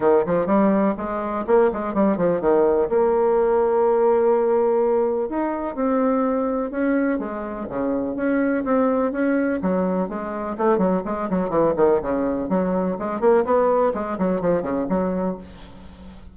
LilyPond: \new Staff \with { instrumentName = "bassoon" } { \time 4/4 \tempo 4 = 125 dis8 f8 g4 gis4 ais8 gis8 | g8 f8 dis4 ais2~ | ais2. dis'4 | c'2 cis'4 gis4 |
cis4 cis'4 c'4 cis'4 | fis4 gis4 a8 fis8 gis8 fis8 | e8 dis8 cis4 fis4 gis8 ais8 | b4 gis8 fis8 f8 cis8 fis4 | }